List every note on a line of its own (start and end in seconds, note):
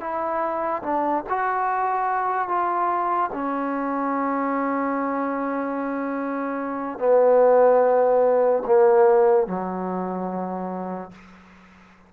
0.00 0.82 E4
0.83 1.24 D4
1.29 2.48 F#4
2.48 3.30 F4
3.33 6.98 C#4
6.98 8.63 B3
8.66 9.47 A#3
9.47 11.11 F#3